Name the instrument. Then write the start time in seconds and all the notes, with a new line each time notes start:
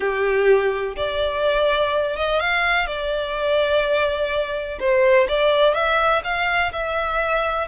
violin
0.00 G4
0.96 D5
2.16 D#5
2.40 F5
2.86 D5
4.79 C5
5.28 D5
5.74 E5
6.24 F5
6.72 E5